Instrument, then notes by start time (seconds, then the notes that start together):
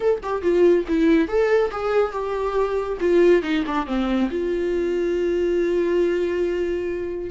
viola
0.00 A4
0.22 G4
0.41 F4
0.88 E4
1.28 A4
1.71 G#4
2.12 G4
3.00 F4
3.42 D#4
3.66 D4
3.86 C4
4.30 F4